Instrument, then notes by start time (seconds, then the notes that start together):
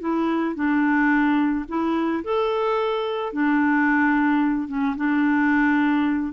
clarinet
0.00 E4
0.55 D4
1.68 E4
2.24 A4
3.33 D4
4.68 C#4
4.96 D4